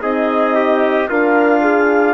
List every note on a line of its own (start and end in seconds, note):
0.00 1.09 C4
0.00 1.07 D#4
0.00 0.55 G#4
0.00 1.10 D#5
0.55 1.09 G4
1.10 2.15 D4
1.10 2.15 F4
1.10 1.62 A#4
1.10 2.15 F5
1.62 2.15 G#4